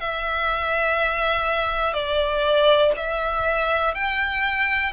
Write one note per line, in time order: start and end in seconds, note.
0.00 1.94 E5
1.94 2.92 D5
2.97 3.94 E5
3.94 4.93 G5